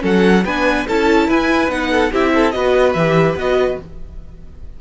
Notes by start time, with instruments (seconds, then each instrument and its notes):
0.00 cello F#3, viola C#4, violin A4 F#5
0.45 cello B3, viola D4, violin B4 G#5
0.87 cello C#4, viola E4, violin A4 A5
1.28 cello E4, violin B4 G#5
1.68 cello B3, viola D#4, violin F#5
1.92 violin A4
2.12 cello C4, viola E4, violin G4 E5
2.35 violin A4
2.51 cello B3, viola F#4, violin B4 D#5
2.93 cello E3, viola G4, violin E5
3.35 cello B3, viola F#4, violin D#5